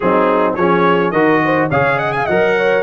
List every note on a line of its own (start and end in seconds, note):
0.00 0.57 F#3
0.00 0.58 C4
0.00 0.56 D#4
0.00 0.54 G#4
0.55 1.12 F3
0.55 1.13 C#4
0.55 1.12 G#4
0.55 1.11 C#5
1.11 1.69 D#3
1.11 1.70 F#4
1.11 1.40 A#4
1.11 1.67 D#5
1.44 1.69 C5
1.69 2.27 C#3
1.69 2.29 G#4
1.69 1.96 C#5
1.69 1.98 F5
1.96 2.10 D#5
1.96 2.12 F#5
2.12 2.25 F5
2.12 2.26 G#5
2.25 2.83 F#3
2.25 2.83 A#4
2.25 2.53 D#5
2.25 2.83 F#5
2.56 2.83 C#5